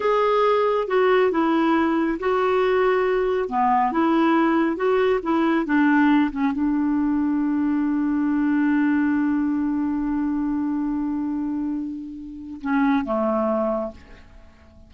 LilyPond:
\new Staff \with { instrumentName = "clarinet" } { \time 4/4 \tempo 4 = 138 gis'2 fis'4 e'4~ | e'4 fis'2. | b4 e'2 fis'4 | e'4 d'4. cis'8 d'4~ |
d'1~ | d'1~ | d'1~ | d'4 cis'4 a2 | }